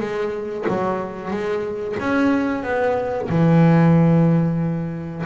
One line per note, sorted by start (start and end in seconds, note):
0.00 0.65 G#3
0.68 1.31 F#3
1.31 1.96 G#3
2.00 2.63 C#4
2.63 3.28 B3
3.29 5.25 E3